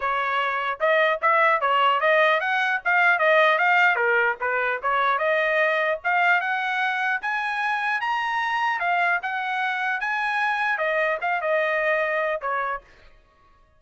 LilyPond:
\new Staff \with { instrumentName = "trumpet" } { \time 4/4 \tempo 4 = 150 cis''2 dis''4 e''4 | cis''4 dis''4 fis''4 f''4 | dis''4 f''4 ais'4 b'4 | cis''4 dis''2 f''4 |
fis''2 gis''2 | ais''2 f''4 fis''4~ | fis''4 gis''2 dis''4 | f''8 dis''2~ dis''8 cis''4 | }